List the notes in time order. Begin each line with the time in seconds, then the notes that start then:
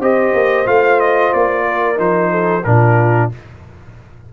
0.00 C4 G4 C5 D#5
0.34 A#3
0.66 A3 F4 F5
1.00 D#5
1.33 A#3 D5
1.68 A#4
1.96 F3 D#4 C5
2.31 A4
2.64 A#2 D4 F4 A#4